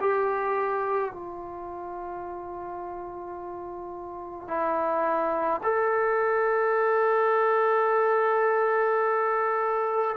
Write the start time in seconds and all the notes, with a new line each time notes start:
0.00 G4
1.12 F4
4.47 E4
5.63 A4